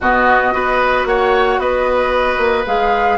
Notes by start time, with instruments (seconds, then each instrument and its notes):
0.00 bassoon B2, clarinet B3, oboe F#4, flute D#5
0.52 bassoon B3, clarinet F#4, oboe B4
1.05 bassoon A#3, oboe C#5, flute F#5
1.57 bassoon B3, oboe B4, flute D#5
2.37 bassoon A#3
2.66 bassoon G#3, clarinet G#4, flute F5